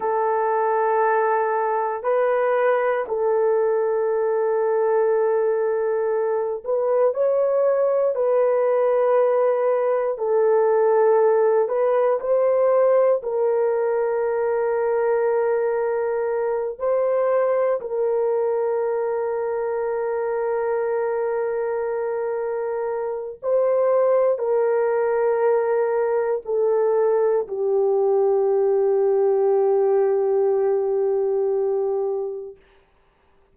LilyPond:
\new Staff \with { instrumentName = "horn" } { \time 4/4 \tempo 4 = 59 a'2 b'4 a'4~ | a'2~ a'8 b'8 cis''4 | b'2 a'4. b'8 | c''4 ais'2.~ |
ais'8 c''4 ais'2~ ais'8~ | ais'2. c''4 | ais'2 a'4 g'4~ | g'1 | }